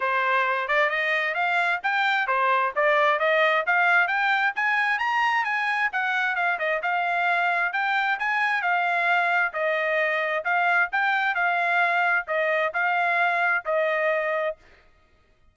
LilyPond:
\new Staff \with { instrumentName = "trumpet" } { \time 4/4 \tempo 4 = 132 c''4. d''8 dis''4 f''4 | g''4 c''4 d''4 dis''4 | f''4 g''4 gis''4 ais''4 | gis''4 fis''4 f''8 dis''8 f''4~ |
f''4 g''4 gis''4 f''4~ | f''4 dis''2 f''4 | g''4 f''2 dis''4 | f''2 dis''2 | }